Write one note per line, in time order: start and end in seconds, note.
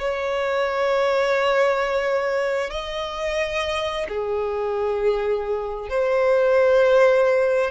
0.00 2.71 C#5
2.71 4.07 D#5
4.09 5.90 G#4
5.90 7.71 C5